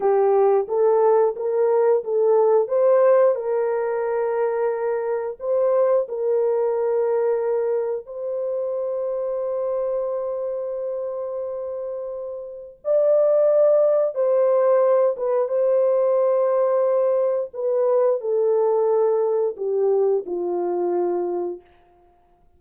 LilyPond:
\new Staff \with { instrumentName = "horn" } { \time 4/4 \tempo 4 = 89 g'4 a'4 ais'4 a'4 | c''4 ais'2. | c''4 ais'2. | c''1~ |
c''2. d''4~ | d''4 c''4. b'8 c''4~ | c''2 b'4 a'4~ | a'4 g'4 f'2 | }